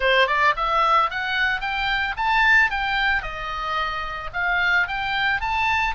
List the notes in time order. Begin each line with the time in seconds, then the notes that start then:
0.00 C5
0.27 D5
0.56 E5
1.10 F#5
1.61 G5
2.16 A5
2.70 G5
3.22 D#5
4.33 F5
4.87 G5
5.40 A5